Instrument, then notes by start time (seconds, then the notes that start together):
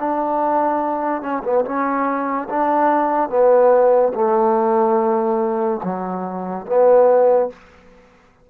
trombone
0.00 D4
1.22 C#4
1.44 B3
1.65 C#4
2.50 D4
3.30 B3
4.15 A3
5.84 F#3
6.67 B3